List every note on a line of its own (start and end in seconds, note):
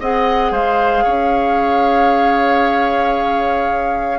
0.00 0.51 C4
0.00 4.19 G#4
0.00 0.52 D#5
0.00 0.53 F#5
0.51 1.04 G#3
0.51 1.04 C5
0.51 4.19 F5
1.04 4.19 C#4
1.04 4.19 C#5